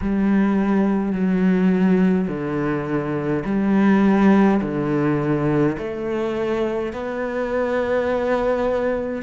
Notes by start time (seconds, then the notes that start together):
0.01 G3
1.12 F#3
2.28 D3
3.45 G3
4.61 D3
5.77 A3
6.92 B3